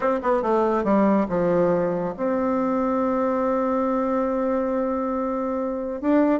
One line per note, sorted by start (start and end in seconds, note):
0.00 0.19 C4
0.22 0.42 B3
0.42 0.84 A3
0.84 1.26 G3
1.29 2.14 F3
2.16 6.01 C4
6.01 6.40 D4